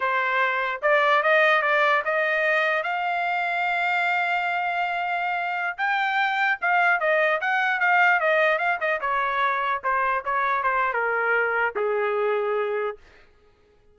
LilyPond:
\new Staff \with { instrumentName = "trumpet" } { \time 4/4 \tempo 4 = 148 c''2 d''4 dis''4 | d''4 dis''2 f''4~ | f''1~ | f''2~ f''16 g''4.~ g''16~ |
g''16 f''4 dis''4 fis''4 f''8.~ | f''16 dis''4 f''8 dis''8 cis''4.~ cis''16~ | cis''16 c''4 cis''4 c''8. ais'4~ | ais'4 gis'2. | }